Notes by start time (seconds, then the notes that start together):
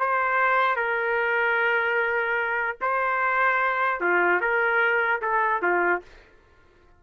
0.00 C5
0.76 A#4
2.82 C5
4.01 F4
4.41 A#4
5.22 A4
5.62 F4